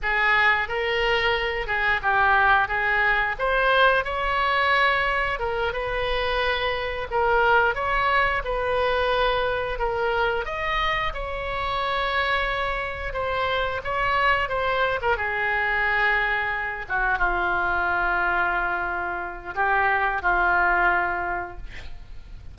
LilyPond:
\new Staff \with { instrumentName = "oboe" } { \time 4/4 \tempo 4 = 89 gis'4 ais'4. gis'8 g'4 | gis'4 c''4 cis''2 | ais'8 b'2 ais'4 cis''8~ | cis''8 b'2 ais'4 dis''8~ |
dis''8 cis''2. c''8~ | c''8 cis''4 c''8. ais'16 gis'4.~ | gis'4 fis'8 f'2~ f'8~ | f'4 g'4 f'2 | }